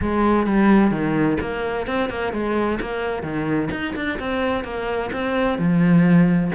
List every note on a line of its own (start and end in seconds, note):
0.01 0.46 G#3
0.46 0.91 G3
0.91 1.37 D#3
1.40 1.86 A#3
1.86 2.09 C4
2.09 2.32 A#3
2.32 2.79 G#3
2.80 3.22 A#3
3.22 3.69 D#3
3.71 3.94 D#4
3.95 4.19 D4
4.19 4.63 C4
4.63 5.10 A#3
5.12 5.58 C4
5.58 6.51 F3